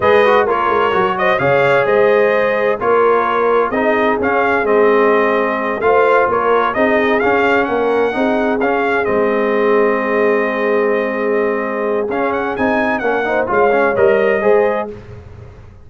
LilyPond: <<
  \new Staff \with { instrumentName = "trumpet" } { \time 4/4 \tempo 4 = 129 dis''4 cis''4. dis''8 f''4 | dis''2 cis''2 | dis''4 f''4 dis''2~ | dis''8 f''4 cis''4 dis''4 f''8~ |
f''8 fis''2 f''4 dis''8~ | dis''1~ | dis''2 f''8 fis''8 gis''4 | fis''4 f''4 dis''2 | }
  \new Staff \with { instrumentName = "horn" } { \time 4/4 b'4 ais'4. c''8 cis''4 | c''2 ais'2 | gis'1~ | gis'8 c''4 ais'4 gis'4.~ |
gis'8 ais'4 gis'2~ gis'8~ | gis'1~ | gis'1 | ais'8 c''8 cis''2 c''4 | }
  \new Staff \with { instrumentName = "trombone" } { \time 4/4 gis'8 fis'8 f'4 fis'4 gis'4~ | gis'2 f'2 | dis'4 cis'4 c'2~ | c'8 f'2 dis'4 cis'8~ |
cis'4. dis'4 cis'4 c'8~ | c'1~ | c'2 cis'4 dis'4 | cis'8 dis'8 f'8 cis'8 ais'4 gis'4 | }
  \new Staff \with { instrumentName = "tuba" } { \time 4/4 gis4 ais8 gis8 fis4 cis4 | gis2 ais2 | c'4 cis'4 gis2~ | gis8 a4 ais4 c'4 cis'8~ |
cis'8 ais4 c'4 cis'4 gis8~ | gis1~ | gis2 cis'4 c'4 | ais4 gis4 g4 gis4 | }
>>